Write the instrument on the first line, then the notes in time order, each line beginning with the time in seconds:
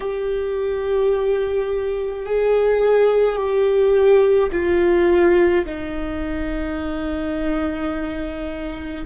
viola
0.00 G4
2.26 G#4
3.36 G4
4.51 F4
5.66 D#4